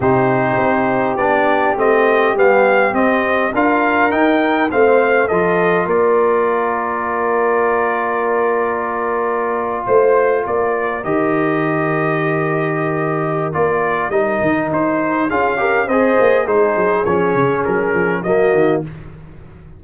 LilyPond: <<
  \new Staff \with { instrumentName = "trumpet" } { \time 4/4 \tempo 4 = 102 c''2 d''4 dis''4 | f''4 dis''4 f''4 g''4 | f''4 dis''4 d''2~ | d''1~ |
d''8. c''4 d''4 dis''4~ dis''16~ | dis''2. d''4 | dis''4 c''4 f''4 dis''4 | c''4 cis''4 ais'4 dis''4 | }
  \new Staff \with { instrumentName = "horn" } { \time 4/4 g'1~ | g'2 ais'2 | c''4 a'4 ais'2~ | ais'1~ |
ais'8. c''4 ais'2~ ais'16~ | ais'1~ | ais'2 gis'8 ais'8 c''4 | gis'2. fis'4 | }
  \new Staff \with { instrumentName = "trombone" } { \time 4/4 dis'2 d'4 c'4 | b4 c'4 f'4 dis'4 | c'4 f'2.~ | f'1~ |
f'2~ f'8. g'4~ g'16~ | g'2. f'4 | dis'2 f'8 g'8 gis'4 | dis'4 cis'2 ais4 | }
  \new Staff \with { instrumentName = "tuba" } { \time 4/4 c4 c'4 b4 a4 | g4 c'4 d'4 dis'4 | a4 f4 ais2~ | ais1~ |
ais8. a4 ais4 dis4~ dis16~ | dis2. ais4 | g8 dis8 dis'4 cis'4 c'8 ais8 | gis8 fis8 f8 cis8 fis8 f8 fis8 dis8 | }
>>